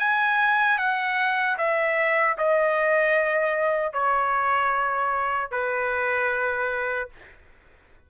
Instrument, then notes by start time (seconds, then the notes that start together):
trumpet
0.00 G#5
0.79 F#5
1.58 E5
2.38 D#5
3.93 C#5
5.52 B4